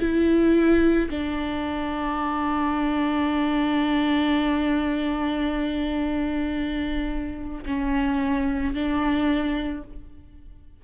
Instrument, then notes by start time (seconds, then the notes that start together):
viola
0.00 E4
1.10 D4
7.66 C#4
8.74 D4